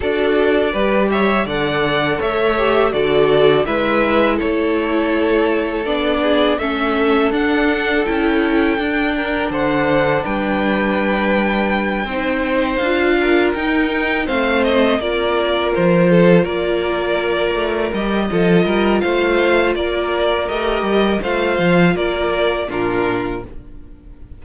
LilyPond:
<<
  \new Staff \with { instrumentName = "violin" } { \time 4/4 \tempo 4 = 82 d''4. e''8 fis''4 e''4 | d''4 e''4 cis''2 | d''4 e''4 fis''4 g''4~ | g''4 fis''4 g''2~ |
g''4. f''4 g''4 f''8 | dis''8 d''4 c''4 d''4.~ | d''8 dis''4. f''4 d''4 | dis''4 f''4 d''4 ais'4 | }
  \new Staff \with { instrumentName = "violin" } { \time 4/4 a'4 b'8 cis''8 d''4 cis''4 | a'4 b'4 a'2~ | a'8 gis'8 a'2.~ | a'8 ais'8 c''4 b'2~ |
b'8 c''4. ais'4. c''8~ | c''8 ais'4. a'8 ais'4.~ | ais'4 a'8 ais'8 c''4 ais'4~ | ais'4 c''4 ais'4 f'4 | }
  \new Staff \with { instrumentName = "viola" } { \time 4/4 fis'4 g'4 a'4. g'8 | fis'4 e'2. | d'4 cis'4 d'4 e'4 | d'1~ |
d'8 dis'4 f'4 dis'4 c'8~ | c'8 f'2.~ f'8~ | f'8 g'8 f'2. | g'4 f'2 d'4 | }
  \new Staff \with { instrumentName = "cello" } { \time 4/4 d'4 g4 d4 a4 | d4 gis4 a2 | b4 a4 d'4 cis'4 | d'4 d4 g2~ |
g8 c'4 d'4 dis'4 a8~ | a8 ais4 f4 ais4. | a8 g8 f8 g8 a4 ais4 | a8 g8 a8 f8 ais4 ais,4 | }
>>